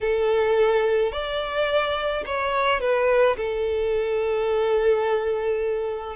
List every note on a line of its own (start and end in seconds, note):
0.00 1.11 A4
1.11 2.24 D5
2.26 2.80 C#5
2.80 3.36 B4
3.36 6.16 A4